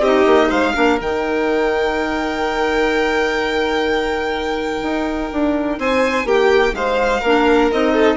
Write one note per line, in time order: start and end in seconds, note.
0.00 0.24 C4
0.00 0.74 D#4
0.00 0.48 G4
0.00 0.51 D#5
0.26 0.50 A#3
0.48 0.75 G#3
0.48 0.72 C5
0.48 0.99 F5
0.74 1.00 A#3
0.74 0.97 D4
0.74 5.79 A#4
0.97 4.82 D#3
0.97 7.21 D#4
0.97 5.79 G5
4.82 5.30 D#4
5.32 5.78 D4
5.78 6.25 C4
5.78 6.26 C5
5.78 6.28 G#5
6.25 6.73 A#3
6.25 6.74 G4
6.25 6.75 G5
6.73 7.21 G#3
6.73 7.21 C5
6.73 7.71 F5
7.21 7.71 A#3
7.21 7.72 D4
7.21 7.93 A#4
7.72 8.16 C4
7.72 8.16 D#4
7.72 8.16 D#5
7.93 8.16 A4